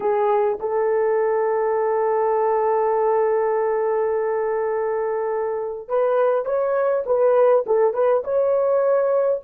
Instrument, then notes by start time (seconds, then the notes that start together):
horn
0.00 G#4
0.60 A4
5.88 B4
6.45 C#5
7.06 B4
7.66 A4
7.93 B4
8.24 C#5